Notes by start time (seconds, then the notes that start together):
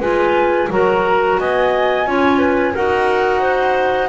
0.00 G#3 F4 B4 G#5
0.71 F#3 F#4 A#4 A#5
1.39 B3 D#5 G#5
2.07 C#4 F4 C#5
2.39 B4
2.74 D#4 F#4 A#4 F#5
3.40 C5